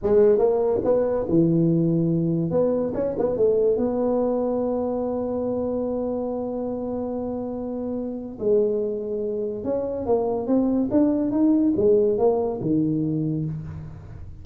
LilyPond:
\new Staff \with { instrumentName = "tuba" } { \time 4/4 \tempo 4 = 143 gis4 ais4 b4 e4~ | e2 b4 cis'8 b8 | a4 b2.~ | b1~ |
b1 | gis2. cis'4 | ais4 c'4 d'4 dis'4 | gis4 ais4 dis2 | }